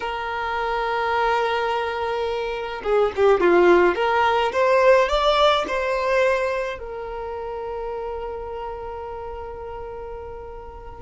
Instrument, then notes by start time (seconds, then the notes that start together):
violin
0.00 A#4
2.83 G#4
3.15 G4
3.40 F4
3.95 A#4
4.52 C5
5.08 D5
5.67 C5
6.78 A#4